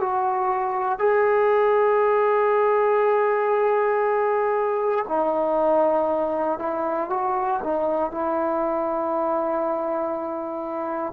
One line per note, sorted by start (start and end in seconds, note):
0.00 0.99 F#4
0.99 5.06 G#4
5.08 6.59 D#4
6.59 7.10 E4
7.10 7.60 F#4
7.64 8.11 D#4
8.11 11.13 E4